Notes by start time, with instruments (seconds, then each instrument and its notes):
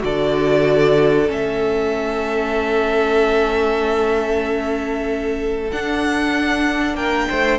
0.00 cello D3, viola F#4, violin A4 D5
1.27 cello A3, viola C#4, violin E5
5.72 viola D4, cello D4, violin F#5
6.95 cello A#3, violin A#4 G5
7.30 cello A3, violin C5